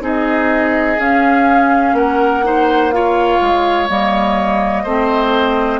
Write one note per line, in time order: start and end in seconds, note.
0.00 0.97 C4
0.00 0.97 D#4
0.00 1.96 G#4
0.00 0.99 D#5
0.98 1.92 C#4
0.98 2.43 C#4
0.98 1.96 F5
1.92 3.37 A#3
1.92 2.45 A#4
1.92 2.91 F#5
2.43 2.92 D#4
2.43 2.94 C5
2.91 3.88 F4
2.91 4.83 C#5
2.91 3.88 F5
3.41 3.89 G#3
3.88 4.84 G3
3.88 4.85 A#3
3.88 5.79 D#5
4.83 5.79 A3
4.83 5.79 C4
4.83 5.79 C5